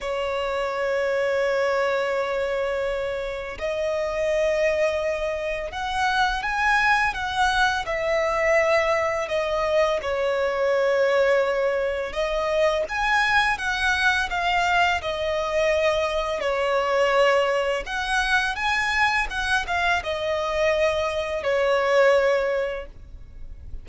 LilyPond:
\new Staff \with { instrumentName = "violin" } { \time 4/4 \tempo 4 = 84 cis''1~ | cis''4 dis''2. | fis''4 gis''4 fis''4 e''4~ | e''4 dis''4 cis''2~ |
cis''4 dis''4 gis''4 fis''4 | f''4 dis''2 cis''4~ | cis''4 fis''4 gis''4 fis''8 f''8 | dis''2 cis''2 | }